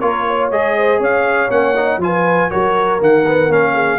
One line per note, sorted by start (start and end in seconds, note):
0.00 0.52 A#3
0.00 0.51 F4
0.00 0.26 A#4
0.00 0.50 C#5
0.27 0.77 C#5
0.51 1.00 G#3
0.51 1.50 G#4
0.51 1.02 D#5
0.77 1.00 C5
1.00 1.50 C#4
1.00 2.00 C#5
1.00 1.51 F5
1.50 1.97 A#3
1.50 1.75 C#4
1.50 2.01 F#5
1.76 2.01 D#4
1.97 2.47 F3
1.97 2.51 F4
1.97 2.51 G#5
2.05 2.50 B4
2.50 3.01 F#3
2.50 3.00 F#4
2.50 3.74 A#4
2.50 3.01 C#5
3.00 3.49 D#3
3.00 3.25 A#3
3.00 3.52 F#5
3.28 3.50 B3
3.49 3.99 A#3
3.49 3.99 C#4
3.49 3.99 F5
3.74 3.99 G#4